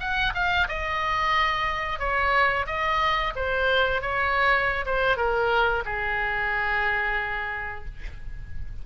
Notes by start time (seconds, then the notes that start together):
0.00 F#5
0.35 F5
0.68 D#5
1.99 C#5
2.67 D#5
3.36 C5
4.02 C#5
4.86 C5
5.17 A#4
5.85 G#4